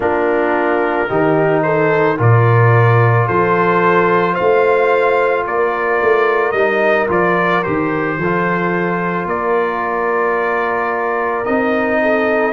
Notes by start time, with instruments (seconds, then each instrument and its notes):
0.00 tuba A#3, trombone D4, horn F4, trumpet A#4
1.08 tuba D#3, trombone D#4, horn G4
1.62 horn A4, trumpet C5
2.17 tuba A#2, trombone F4, horn A#4, trumpet D5
3.26 tuba F3, horn A4, trumpet C5
4.33 horn C5, trumpet F5
4.40 tuba A3
5.45 tuba A#3, horn A#4, trumpet D5
6.01 tuba A3
6.51 tuba G3, trombone D#4, trumpet D#5
7.08 tuba F3, trombone F4, trumpet D5
7.63 tuba D#3, trombone G4, trumpet C5
8.17 tuba F3, trombone F4, horn A4
9.25 tuba A#3, horn A#4, trumpet D5
11.45 tuba C4, trombone D#4, trumpet D#5
12.02 horn A4